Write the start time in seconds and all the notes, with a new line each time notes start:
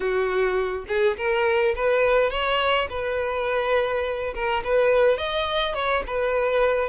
0.00 F#4
0.88 G#4
1.17 A#4
1.75 B4
2.30 C#5
2.89 B4
4.34 A#4
4.63 B4
5.17 D#5
5.74 C#5
6.07 B4